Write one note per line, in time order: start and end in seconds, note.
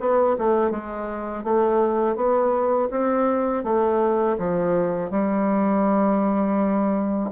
0.00 0.37 B3
0.39 0.71 A3
0.71 1.44 G#3
1.44 2.16 A3
2.16 2.89 B3
2.91 3.64 C4
3.64 4.37 A3
4.38 5.11 F3
5.11 7.30 G3